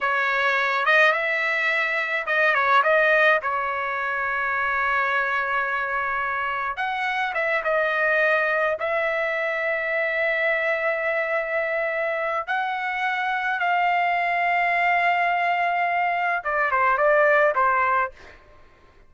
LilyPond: \new Staff \with { instrumentName = "trumpet" } { \time 4/4 \tempo 4 = 106 cis''4. dis''8 e''2 | dis''8 cis''8 dis''4 cis''2~ | cis''1 | fis''4 e''8 dis''2 e''8~ |
e''1~ | e''2 fis''2 | f''1~ | f''4 d''8 c''8 d''4 c''4 | }